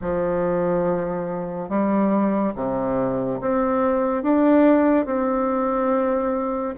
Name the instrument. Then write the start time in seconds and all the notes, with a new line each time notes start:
bassoon
0.01 F3
1.69 G3
2.55 C3
3.40 C4
4.23 D4
5.05 C4